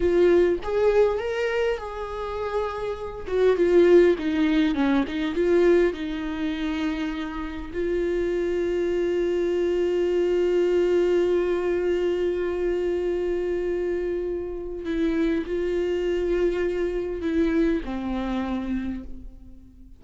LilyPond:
\new Staff \with { instrumentName = "viola" } { \time 4/4 \tempo 4 = 101 f'4 gis'4 ais'4 gis'4~ | gis'4. fis'8 f'4 dis'4 | cis'8 dis'8 f'4 dis'2~ | dis'4 f'2.~ |
f'1~ | f'1~ | f'4 e'4 f'2~ | f'4 e'4 c'2 | }